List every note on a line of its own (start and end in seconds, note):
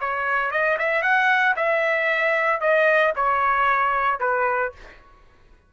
0.00 0.51 C#5
0.51 0.78 D#5
0.78 1.02 E5
1.02 1.55 F#5
1.56 2.61 E5
2.61 3.13 D#5
3.16 4.20 C#5
4.20 4.72 B4